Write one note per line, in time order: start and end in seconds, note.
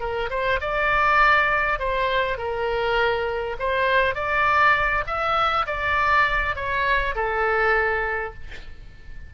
0.00 0.30 A#4
0.30 0.60 C5
0.61 1.79 D5
1.79 2.37 C5
2.37 3.56 A#4
3.59 4.15 C5
4.15 5.04 D5
5.07 5.66 E5
5.67 6.55 D5
6.55 7.15 C#5
7.15 8.34 A4